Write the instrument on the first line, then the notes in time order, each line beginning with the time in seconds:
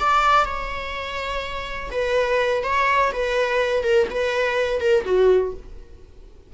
viola
0.00 D5
0.45 C#5
1.91 B4
2.63 C#5
3.13 B4
3.83 A#4
4.10 B4
4.80 A#4
5.05 F#4